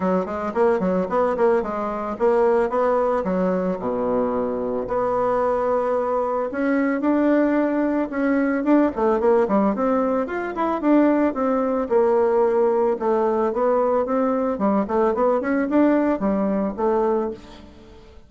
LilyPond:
\new Staff \with { instrumentName = "bassoon" } { \time 4/4 \tempo 4 = 111 fis8 gis8 ais8 fis8 b8 ais8 gis4 | ais4 b4 fis4 b,4~ | b,4 b2. | cis'4 d'2 cis'4 |
d'8 a8 ais8 g8 c'4 f'8 e'8 | d'4 c'4 ais2 | a4 b4 c'4 g8 a8 | b8 cis'8 d'4 g4 a4 | }